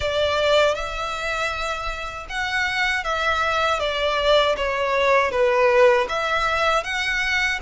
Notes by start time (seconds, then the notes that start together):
0.00 D5
0.74 E5
2.29 F#5
3.04 E5
3.79 D5
4.56 C#5
5.31 B4
6.08 E5
6.84 F#5